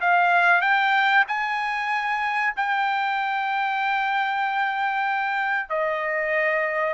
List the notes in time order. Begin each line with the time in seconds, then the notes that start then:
0.00 F5
0.61 G5
1.27 G#5
2.56 G5
5.69 D#5